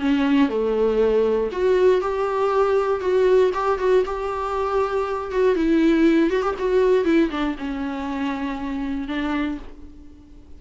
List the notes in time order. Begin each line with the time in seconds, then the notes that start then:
0.00 C#4
0.50 A3
1.52 F#4
2.02 G4
3.01 F#4
3.54 G4
3.79 F#4
4.06 G4
5.32 F#4
5.56 E4
6.31 F#4
6.43 G4
6.59 F#4
7.05 E4
7.31 D4
7.59 C#4
9.08 D4